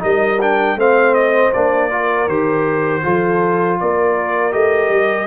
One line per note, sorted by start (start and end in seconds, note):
0.00 0.76 G3
0.00 0.38 D#4
0.00 0.78 A#4
0.00 0.41 D#5
0.42 0.78 D4
0.42 0.79 G5
0.76 1.51 A3
0.76 1.53 C4
0.76 1.90 C5
0.76 1.15 F5
1.15 1.52 D#5
1.54 2.28 A#3
1.54 1.91 D4
1.54 2.29 D5
1.90 2.29 F4
1.90 3.02 A#4
2.28 3.03 D#3
2.28 3.03 G4
2.28 3.79 C5
3.03 3.81 F3
3.03 4.53 F4
3.03 3.79 A4
3.80 4.54 A#3
3.80 5.27 A#4
3.80 4.53 D5
4.53 4.90 A3
4.53 5.27 G4
4.53 5.27 D#5
4.90 5.27 G3